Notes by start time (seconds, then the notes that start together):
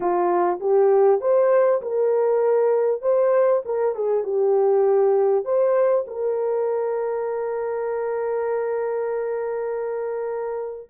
0.00 F4
0.60 G4
1.20 C5
1.81 A#4
3.01 C5
3.65 A#4
3.95 G#4
4.23 G4
5.44 C5
6.07 A#4